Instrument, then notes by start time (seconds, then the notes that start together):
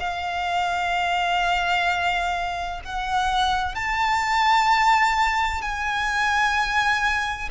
violin
0.00 F5
2.85 F#5
3.75 A5
5.62 G#5